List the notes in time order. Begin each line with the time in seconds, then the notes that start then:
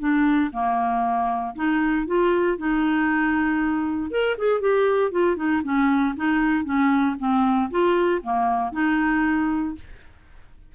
0.00 D4
0.53 A#3
1.56 D#4
2.07 F4
2.58 D#4
4.11 A#4
4.38 G#4
4.61 G4
5.12 F4
5.37 D#4
5.64 C#4
6.17 D#4
6.65 C#4
7.19 C4
7.71 F4
8.23 A#3
8.73 D#4